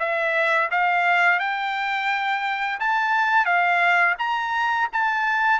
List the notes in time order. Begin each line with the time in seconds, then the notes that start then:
0.00 E5
0.72 F5
1.40 G5
2.80 A5
3.46 F5
4.19 A#5
4.93 A5